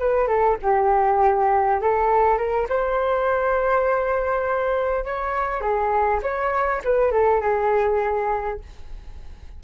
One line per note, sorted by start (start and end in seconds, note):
0.00 0.28 B4
0.28 0.57 A4
0.63 1.81 G4
1.81 2.38 A4
2.38 2.68 A#4
2.69 5.05 C5
5.05 5.62 C#5
5.62 6.21 G#4
6.23 6.82 C#5
6.85 7.12 B4
7.12 7.41 A4
7.41 8.60 G#4